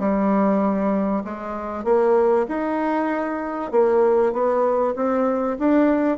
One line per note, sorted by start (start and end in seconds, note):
0.00 1.24 G3
1.25 1.85 G#3
1.85 2.47 A#3
2.49 3.72 D#4
3.72 4.33 A#3
4.33 4.95 B3
4.96 5.58 C4
5.59 6.19 D4